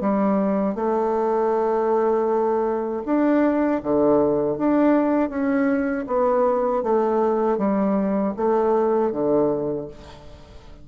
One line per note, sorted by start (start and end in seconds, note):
0.00 0.75 G3
0.75 3.02 A3
3.05 3.81 D4
3.83 4.57 D3
4.57 5.29 D4
5.29 6.05 C#4
6.07 6.83 B3
6.83 7.57 A3
7.57 8.33 G3
8.36 9.11 A3
9.11 9.87 D3